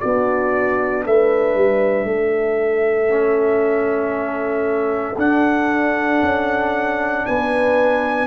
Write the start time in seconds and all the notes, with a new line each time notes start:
0.00 B3 D4 F#4 D5
1.06 A3 B4 E5
1.55 G3
2.05 A3 A4
3.08 C#4
5.18 D4 F#5
6.22 C#4
7.26 B3 B4 G#5